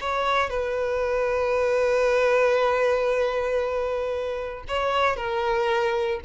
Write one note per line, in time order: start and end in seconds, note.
0.00 0.50 C#5
0.50 4.63 B4
4.67 5.16 C#5
5.16 6.20 A#4